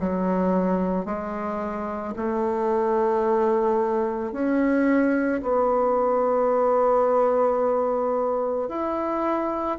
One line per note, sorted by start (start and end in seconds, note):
0.00 1.05 F#3
1.05 2.14 G#3
2.16 4.32 A3
4.32 5.41 C#4
5.42 8.69 B3
8.69 9.78 E4